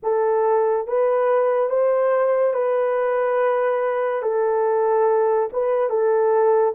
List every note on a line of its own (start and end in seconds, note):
0.02 0.87 A4
0.87 1.69 B4
1.69 2.53 C5
2.53 4.22 B4
4.22 5.49 A4
5.52 5.89 B4
5.89 6.74 A4